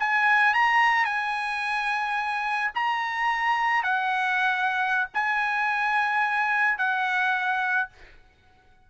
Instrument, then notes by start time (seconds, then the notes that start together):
trumpet
0.00 G#5
0.54 A#5
1.05 G#5
2.76 A#5
3.84 F#5
5.14 G#5
6.78 F#5